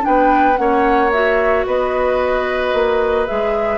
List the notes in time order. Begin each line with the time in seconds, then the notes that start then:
0.00 D4 G5
0.06 B3 B4
0.56 A#3 C#4 C#5 F#5
1.11 F#4 E5
1.66 B3 B4 D#5
2.73 A#3
3.27 G#3 G#4 E5